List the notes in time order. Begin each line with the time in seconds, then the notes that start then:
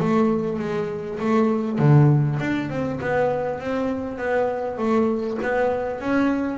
0.00 A3
0.59 G#3
1.20 A3
1.79 D3
2.40 D4
2.70 C4
3.01 B3
3.60 C4
4.18 B3
4.78 A3
5.43 B3
6.01 C#4